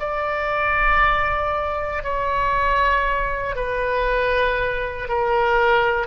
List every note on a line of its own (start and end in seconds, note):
0.00 2.03 D5
2.03 3.56 C#5
3.56 5.08 B4
5.09 6.07 A#4